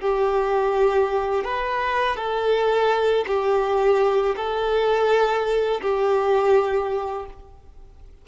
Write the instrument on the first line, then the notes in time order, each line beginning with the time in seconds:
violin
0.00 G4
1.44 B4
2.16 A4
3.27 G4
4.36 A4
5.81 G4